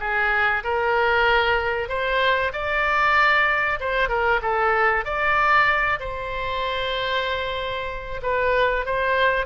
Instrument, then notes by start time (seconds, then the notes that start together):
oboe
0.00 G#4
0.64 A#4
1.89 C5
2.53 D5
3.80 C5
4.09 A#4
4.42 A4
5.05 D5
6.00 C5
8.22 B4
8.86 C5